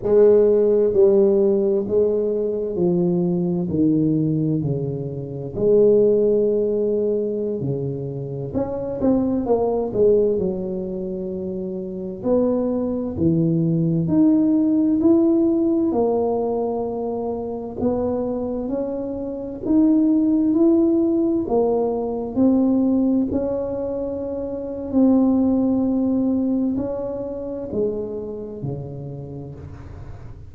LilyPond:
\new Staff \with { instrumentName = "tuba" } { \time 4/4 \tempo 4 = 65 gis4 g4 gis4 f4 | dis4 cis4 gis2~ | gis16 cis4 cis'8 c'8 ais8 gis8 fis8.~ | fis4~ fis16 b4 e4 dis'8.~ |
dis'16 e'4 ais2 b8.~ | b16 cis'4 dis'4 e'4 ais8.~ | ais16 c'4 cis'4.~ cis'16 c'4~ | c'4 cis'4 gis4 cis4 | }